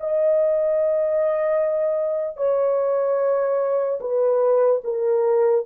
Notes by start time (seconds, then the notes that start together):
0.00 D#5
2.37 C#5
4.00 B4
4.84 A#4